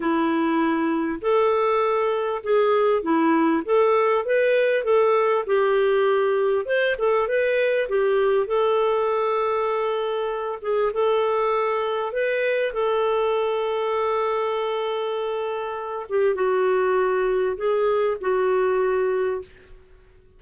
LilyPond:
\new Staff \with { instrumentName = "clarinet" } { \time 4/4 \tempo 4 = 99 e'2 a'2 | gis'4 e'4 a'4 b'4 | a'4 g'2 c''8 a'8 | b'4 g'4 a'2~ |
a'4. gis'8 a'2 | b'4 a'2.~ | a'2~ a'8 g'8 fis'4~ | fis'4 gis'4 fis'2 | }